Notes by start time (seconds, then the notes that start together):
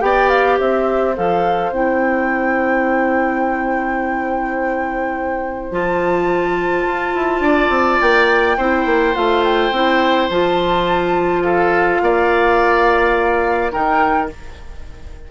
0.00 B3 G4 D5 G5
0.29 F5
0.59 C4 C5 E5
1.16 F3 A4 F5
1.71 C4 E4 G5
5.71 F3 F4 A5
6.86 F4
7.14 E4
7.40 D4 D5
7.69 C4
8.01 A#3 G5
8.57 C4 E4 C5
8.85 A#3
9.14 A3 F4 F5
9.43 G5
9.71 C4 E4
10.29 F3 F4 A5
11.43 A4 F5
12.02 A#3 D5
13.71 D#3 D#4 A#4 G5